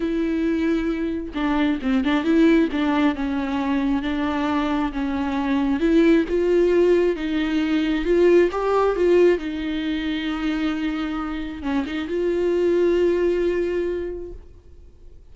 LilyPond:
\new Staff \with { instrumentName = "viola" } { \time 4/4 \tempo 4 = 134 e'2. d'4 | c'8 d'8 e'4 d'4 cis'4~ | cis'4 d'2 cis'4~ | cis'4 e'4 f'2 |
dis'2 f'4 g'4 | f'4 dis'2.~ | dis'2 cis'8 dis'8 f'4~ | f'1 | }